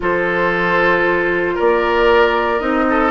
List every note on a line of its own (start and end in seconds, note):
0.00 1.57 F3
0.00 2.60 F4
0.00 1.54 A4
0.00 1.58 C5
1.54 2.61 A#3
1.54 2.85 A#4
1.54 2.60 D5
2.60 3.11 C4
2.60 3.11 D#4
2.60 3.11 D#5
2.89 3.11 A4